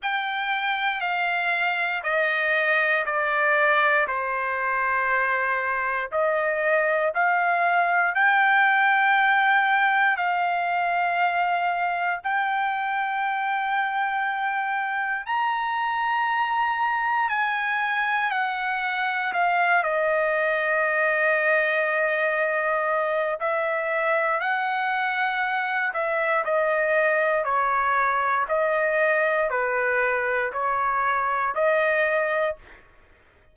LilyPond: \new Staff \with { instrumentName = "trumpet" } { \time 4/4 \tempo 4 = 59 g''4 f''4 dis''4 d''4 | c''2 dis''4 f''4 | g''2 f''2 | g''2. ais''4~ |
ais''4 gis''4 fis''4 f''8 dis''8~ | dis''2. e''4 | fis''4. e''8 dis''4 cis''4 | dis''4 b'4 cis''4 dis''4 | }